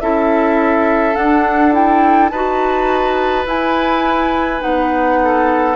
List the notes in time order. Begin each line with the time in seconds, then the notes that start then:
0.00 C#4 E4 A4 E5
1.14 D4 F#5
1.72 E4 G5
2.29 D#4 F#4 B4 A5
3.45 E4 G#5
4.59 B3 D#4 F#5
5.23 A4